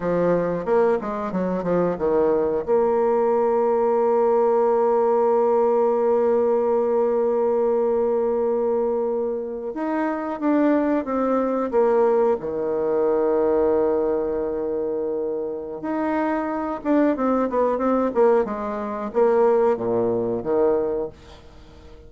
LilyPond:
\new Staff \with { instrumentName = "bassoon" } { \time 4/4 \tempo 4 = 91 f4 ais8 gis8 fis8 f8 dis4 | ais1~ | ais1~ | ais2~ ais8. dis'4 d'16~ |
d'8. c'4 ais4 dis4~ dis16~ | dis1 | dis'4. d'8 c'8 b8 c'8 ais8 | gis4 ais4 ais,4 dis4 | }